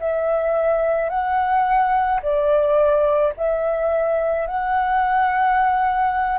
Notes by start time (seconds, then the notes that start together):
0.00 E5
1.10 F#5
2.22 D5
3.37 E5
4.47 F#5